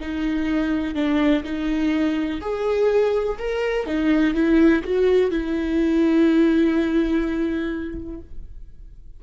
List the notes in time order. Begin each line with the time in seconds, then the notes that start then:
0.00 D#4
0.95 D4
1.44 D#4
2.41 G#4
3.38 A#4
3.86 D#4
4.34 E4
4.83 F#4
5.31 E4